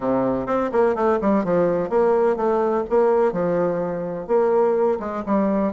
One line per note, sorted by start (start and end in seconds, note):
0.00 0.46 C3
0.46 0.70 C4
0.72 0.95 A#3
0.95 1.19 A3
1.21 1.44 G3
1.44 1.89 F3
1.89 2.36 A#3
2.36 2.83 A3
2.89 3.32 A#3
3.32 4.27 F3
4.27 4.98 A#3
4.99 5.23 G#3
5.26 5.73 G3